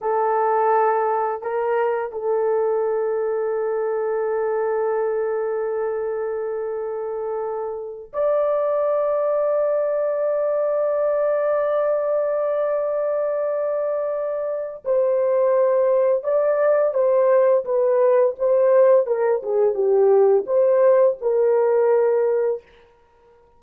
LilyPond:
\new Staff \with { instrumentName = "horn" } { \time 4/4 \tempo 4 = 85 a'2 ais'4 a'4~ | a'1~ | a'2.~ a'8 d''8~ | d''1~ |
d''1~ | d''4 c''2 d''4 | c''4 b'4 c''4 ais'8 gis'8 | g'4 c''4 ais'2 | }